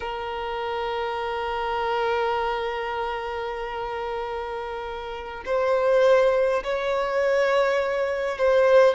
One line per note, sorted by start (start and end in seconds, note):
0.00 5.43 A#4
5.45 6.63 C5
6.63 8.38 C#5
8.38 8.94 C5